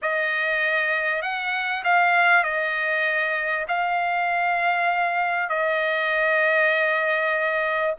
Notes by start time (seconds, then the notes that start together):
0.02 D#5
1.22 F#5
1.84 F5
2.43 D#5
3.68 F5
5.49 D#5